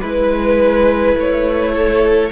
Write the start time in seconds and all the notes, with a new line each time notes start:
0.00 G#3 E4 B4
1.15 A3 C#5
1.73 A4